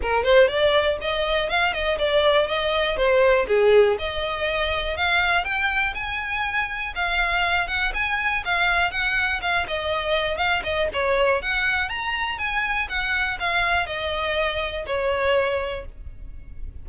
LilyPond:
\new Staff \with { instrumentName = "violin" } { \time 4/4 \tempo 4 = 121 ais'8 c''8 d''4 dis''4 f''8 dis''8 | d''4 dis''4 c''4 gis'4 | dis''2 f''4 g''4 | gis''2 f''4. fis''8 |
gis''4 f''4 fis''4 f''8 dis''8~ | dis''4 f''8 dis''8 cis''4 fis''4 | ais''4 gis''4 fis''4 f''4 | dis''2 cis''2 | }